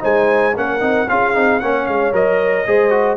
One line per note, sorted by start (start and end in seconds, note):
0.00 0.57 G#3
0.00 0.53 D#4
0.00 0.55 C5
0.00 0.56 G#5
0.56 0.81 A#3
0.56 0.80 C#4
0.56 1.09 A#4
0.56 1.09 F#5
0.80 1.08 C4
0.80 1.07 D#4
1.09 1.36 C#4
1.09 1.34 F4
1.09 1.62 G#4
1.09 1.60 F5
1.34 1.62 C4
1.34 1.61 D#4
1.60 1.88 A#3
1.60 2.13 C#4
1.60 2.67 C#5
1.60 1.86 F#5
1.86 2.12 G#3
1.86 2.13 F5
2.12 2.65 F#3
2.12 2.65 A#4
2.12 3.17 D#5
2.67 3.17 G#3
2.67 2.90 G#4
2.67 3.17 C5
2.90 3.17 F#4